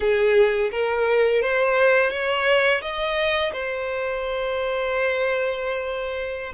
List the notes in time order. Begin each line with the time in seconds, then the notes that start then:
0.00 G#4
0.71 A#4
1.41 C5
2.10 C#5
2.81 D#5
3.52 C5